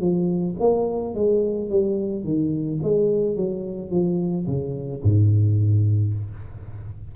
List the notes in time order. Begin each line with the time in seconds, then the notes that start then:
0.00 F3
0.60 A#3
1.15 G#3
1.70 G3
2.24 D#3
2.83 G#3
3.36 F#3
3.90 F3
4.47 C#3
5.03 G#2